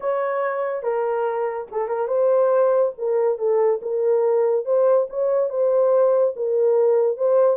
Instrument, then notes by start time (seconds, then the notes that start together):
horn
0.00 C#5
0.82 A#4
1.71 A4
1.88 A#4
2.07 C5
2.98 A#4
3.38 A4
3.82 A#4
4.65 C5
5.09 C#5
5.49 C5
6.36 A#4
7.17 C5